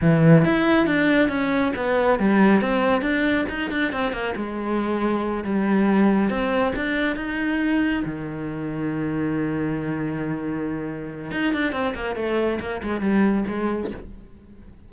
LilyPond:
\new Staff \with { instrumentName = "cello" } { \time 4/4 \tempo 4 = 138 e4 e'4 d'4 cis'4 | b4 g4 c'4 d'4 | dis'8 d'8 c'8 ais8 gis2~ | gis8 g2 c'4 d'8~ |
d'8 dis'2 dis4.~ | dis1~ | dis2 dis'8 d'8 c'8 ais8 | a4 ais8 gis8 g4 gis4 | }